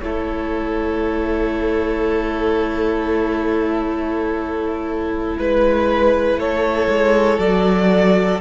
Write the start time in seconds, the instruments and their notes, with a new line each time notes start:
0.00 cello A3, viola E4, violin A4 C#5
5.38 cello G#3, violin B4
6.37 cello A3, violin A4 C#5
6.89 cello G#3
7.39 cello F#3, viola F#4, violin D5